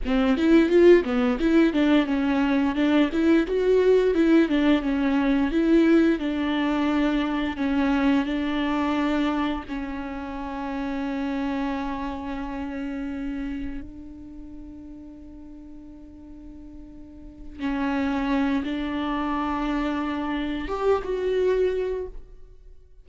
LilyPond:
\new Staff \with { instrumentName = "viola" } { \time 4/4 \tempo 4 = 87 c'8 e'8 f'8 b8 e'8 d'8 cis'4 | d'8 e'8 fis'4 e'8 d'8 cis'4 | e'4 d'2 cis'4 | d'2 cis'2~ |
cis'1 | d'1~ | d'4. cis'4. d'4~ | d'2 g'8 fis'4. | }